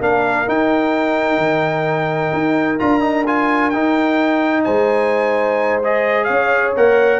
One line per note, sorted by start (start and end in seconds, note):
0.00 0.47 A#3
0.00 0.46 D4
0.00 4.64 A#4
0.00 0.49 F5
0.46 2.79 D#4
0.46 1.37 D#4
0.46 2.79 G5
1.37 2.30 D#3
2.33 2.79 D#4
2.79 3.73 D4
2.79 3.01 F4
2.79 3.25 A#5
3.01 3.24 D#4
3.26 3.72 F4
3.26 3.70 G#5
3.70 4.66 D#4
3.70 5.83 D#4
3.70 4.63 G5
4.64 6.29 G#3
4.64 6.27 C5
4.64 5.80 G#5
5.83 6.76 G#4
5.83 6.24 D#5
6.24 6.76 C#4
6.24 7.19 C#5
6.24 6.70 F5
6.76 7.19 A#3
6.76 7.19 A#4
6.76 7.19 F#5